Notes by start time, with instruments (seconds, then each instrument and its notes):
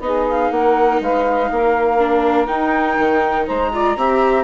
0.00 bassoon B3, viola D#4, saxophone G#4, flute D#5
0.30 flute F5
0.51 bassoon A#3, saxophone A#4, flute F#5
1.00 bassoon G#3, saxophone B4, flute F5
1.51 bassoon A#3, saxophone A#4
1.98 viola D4
2.47 viola D#4, bassoon D#4, flute G5
2.98 bassoon D#3
3.46 bassoon G#3, saxophone C5, flute A#5
3.73 viola F4, saxophone D5
3.96 bassoon C4, viola G4, saxophone E5